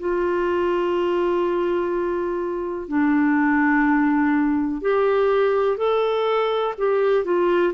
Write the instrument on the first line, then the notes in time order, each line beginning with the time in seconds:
clarinet
0.00 F4
2.89 D4
4.82 G4
5.78 A4
6.78 G4
7.25 F4